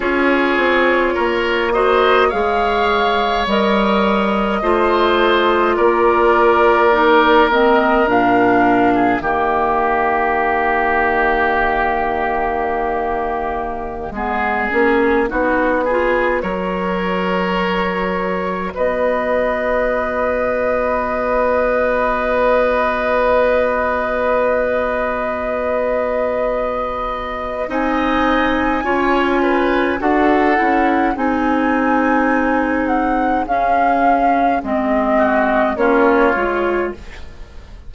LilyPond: <<
  \new Staff \with { instrumentName = "flute" } { \time 4/4 \tempo 4 = 52 cis''4. dis''8 f''4 dis''4~ | dis''4 d''4. dis''8 f''4 | dis''1~ | dis''2~ dis''16 cis''4.~ cis''16~ |
cis''16 dis''2.~ dis''8.~ | dis''1 | gis''2 fis''4 gis''4~ | gis''8 fis''8 f''4 dis''4 cis''4 | }
  \new Staff \with { instrumentName = "oboe" } { \time 4/4 gis'4 ais'8 c''8 cis''2 | c''4 ais'2~ ais'8. gis'16 | g'1~ | g'16 gis'4 fis'8 gis'8 ais'4.~ ais'16~ |
ais'16 b'2.~ b'8.~ | b'1 | dis''4 cis''8 b'8 a'4 gis'4~ | gis'2~ gis'8 fis'8 f'4 | }
  \new Staff \with { instrumentName = "clarinet" } { \time 4/4 f'4. fis'8 gis'4 ais'4 | f'2 dis'8 c'8 d'4 | ais1~ | ais16 b8 cis'8 dis'8 f'8 fis'4.~ fis'16~ |
fis'1~ | fis'1 | dis'4 f'4 fis'8 e'8 dis'4~ | dis'4 cis'4 c'4 cis'8 f'8 | }
  \new Staff \with { instrumentName = "bassoon" } { \time 4/4 cis'8 c'8 ais4 gis4 g4 | a4 ais2 ais,4 | dis1~ | dis16 gis8 ais8 b4 fis4.~ fis16~ |
fis16 b2.~ b8.~ | b1 | c'4 cis'4 d'8 cis'8 c'4~ | c'4 cis'4 gis4 ais8 gis8 | }
>>